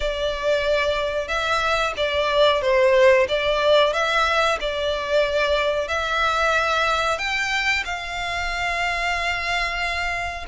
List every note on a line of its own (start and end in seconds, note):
0.00 1.27 D5
1.27 1.93 E5
1.97 2.61 D5
2.61 3.26 C5
3.28 3.93 D5
3.93 4.58 E5
4.60 5.88 D5
5.88 7.18 E5
7.18 7.83 G5
7.84 10.45 F5